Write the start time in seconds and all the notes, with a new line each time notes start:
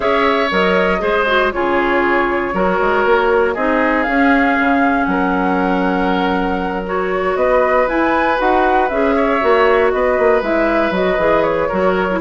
0.00 C#4 G#4 C#5 E5
0.51 F#3 A#4 D#5
0.99 G#3 G#4 C5
1.26 F#4
1.51 C#3 F4 G#4 C#5
2.53 F#3 F#4 A#4
2.80 G#3
3.05 A#3
3.54 C4 D#4 G#4 D#5
4.03 C#4 F5
4.59 C#3
5.04 F#3 A#4 F#5
6.85 F#4 C#5
7.35 B3 B4 D#5
7.87 E4 G#5
8.37 D#4 F#4 F#5
8.88 C#4 G#4 E5
9.15 C#5
9.40 A#3 F#4
9.91 B3 B4 D#5
10.18 A#3
10.41 G#3 E4 E5
10.90 F#3 F#4 D#5
11.17 E3 G#4
11.43 C#5
11.68 F#3 F#4 A#4
12.10 E4